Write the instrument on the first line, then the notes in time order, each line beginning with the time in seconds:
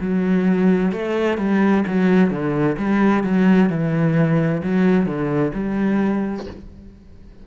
cello
0.00 F#3
0.92 A3
1.38 G3
1.87 F#3
2.30 D3
2.78 G3
3.23 F#3
3.70 E3
4.63 F#3
5.06 D3
5.54 G3